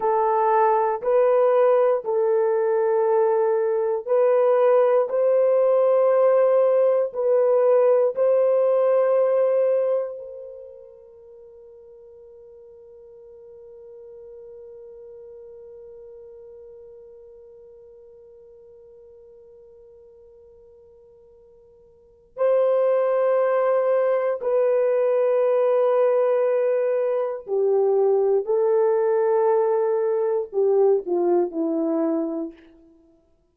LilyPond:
\new Staff \with { instrumentName = "horn" } { \time 4/4 \tempo 4 = 59 a'4 b'4 a'2 | b'4 c''2 b'4 | c''2 ais'2~ | ais'1~ |
ais'1~ | ais'2 c''2 | b'2. g'4 | a'2 g'8 f'8 e'4 | }